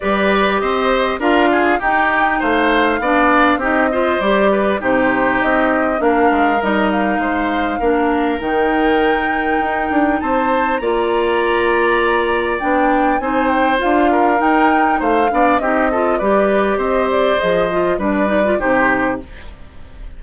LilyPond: <<
  \new Staff \with { instrumentName = "flute" } { \time 4/4 \tempo 4 = 100 d''4 dis''4 f''4 g''4 | f''2 dis''4 d''4 | c''4 dis''4 f''4 dis''8 f''8~ | f''2 g''2~ |
g''4 a''4 ais''2~ | ais''4 g''4 gis''8 g''8 f''4 | g''4 f''4 dis''4 d''4 | dis''8 d''8 dis''4 d''4 c''4 | }
  \new Staff \with { instrumentName = "oboe" } { \time 4/4 b'4 c''4 ais'8 gis'8 g'4 | c''4 d''4 g'8 c''4 b'8 | g'2 ais'2 | c''4 ais'2.~ |
ais'4 c''4 d''2~ | d''2 c''4. ais'8~ | ais'4 c''8 d''8 g'8 a'8 b'4 | c''2 b'4 g'4 | }
  \new Staff \with { instrumentName = "clarinet" } { \time 4/4 g'2 f'4 dis'4~ | dis'4 d'4 dis'8 f'8 g'4 | dis'2 d'4 dis'4~ | dis'4 d'4 dis'2~ |
dis'2 f'2~ | f'4 d'4 dis'4 f'4 | dis'4. d'8 dis'8 f'8 g'4~ | g'4 gis'8 f'8 d'8 dis'16 f'16 dis'4 | }
  \new Staff \with { instrumentName = "bassoon" } { \time 4/4 g4 c'4 d'4 dis'4 | a4 b4 c'4 g4 | c4 c'4 ais8 gis8 g4 | gis4 ais4 dis2 |
dis'8 d'8 c'4 ais2~ | ais4 b4 c'4 d'4 | dis'4 a8 b8 c'4 g4 | c'4 f4 g4 c4 | }
>>